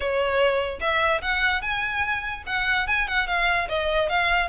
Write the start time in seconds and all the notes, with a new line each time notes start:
0.00 C#5
0.80 E5
1.21 F#5
1.61 G#5
2.46 F#5
2.87 G#5
3.07 F#5
3.27 F5
3.68 D#5
4.09 F5